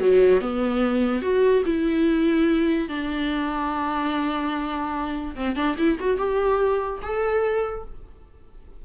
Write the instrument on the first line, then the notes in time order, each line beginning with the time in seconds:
viola
0.00 F#3
0.41 B3
1.22 F#4
1.66 E4
2.89 D4
5.36 C4
5.56 D4
5.78 E4
6.00 F#4
6.18 G4
7.03 A4